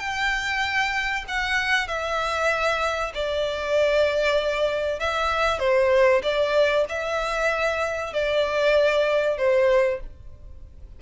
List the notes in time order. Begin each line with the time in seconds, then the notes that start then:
0.00 G5
1.28 F#5
1.88 E5
3.15 D5
5.00 E5
5.60 C5
6.23 D5
6.89 E5
8.14 D5
9.38 C5